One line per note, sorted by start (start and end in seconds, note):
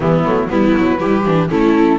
0.00 0.24 E3
0.00 0.24 G3
0.00 0.49 B3
0.00 0.48 E4
0.24 0.49 F#3
0.24 0.48 A3
0.48 0.75 G3
0.48 0.98 B3
0.48 0.99 E4
0.48 1.49 B4
0.77 1.02 F#3
0.99 1.25 G3
0.99 1.24 E4
0.99 1.49 G4
1.25 1.50 E3
1.25 1.48 D4
1.48 1.98 A3
1.48 1.98 C#4
1.48 1.98 E4
1.48 1.98 A4